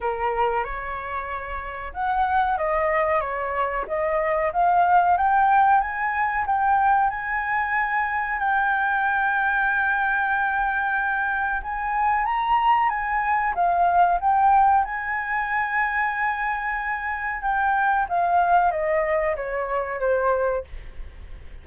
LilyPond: \new Staff \with { instrumentName = "flute" } { \time 4/4 \tempo 4 = 93 ais'4 cis''2 fis''4 | dis''4 cis''4 dis''4 f''4 | g''4 gis''4 g''4 gis''4~ | gis''4 g''2.~ |
g''2 gis''4 ais''4 | gis''4 f''4 g''4 gis''4~ | gis''2. g''4 | f''4 dis''4 cis''4 c''4 | }